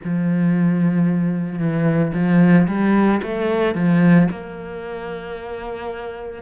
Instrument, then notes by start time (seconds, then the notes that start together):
cello
0.04 F3
1.58 E3
2.13 F3
2.67 G3
3.22 A3
3.75 F3
4.30 A#3